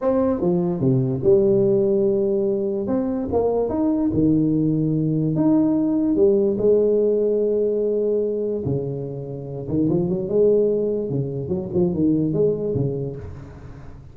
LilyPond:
\new Staff \with { instrumentName = "tuba" } { \time 4/4 \tempo 4 = 146 c'4 f4 c4 g4~ | g2. c'4 | ais4 dis'4 dis2~ | dis4 dis'2 g4 |
gis1~ | gis4 cis2~ cis8 dis8 | f8 fis8 gis2 cis4 | fis8 f8 dis4 gis4 cis4 | }